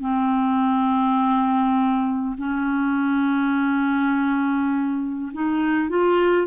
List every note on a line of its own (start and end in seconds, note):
0.00 2.35 C4
2.37 5.32 C#4
5.33 5.89 D#4
5.89 6.47 F4